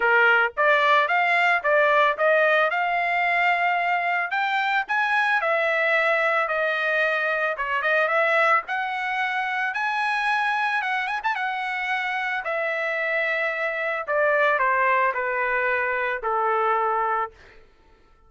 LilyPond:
\new Staff \with { instrumentName = "trumpet" } { \time 4/4 \tempo 4 = 111 ais'4 d''4 f''4 d''4 | dis''4 f''2. | g''4 gis''4 e''2 | dis''2 cis''8 dis''8 e''4 |
fis''2 gis''2 | fis''8 gis''16 a''16 fis''2 e''4~ | e''2 d''4 c''4 | b'2 a'2 | }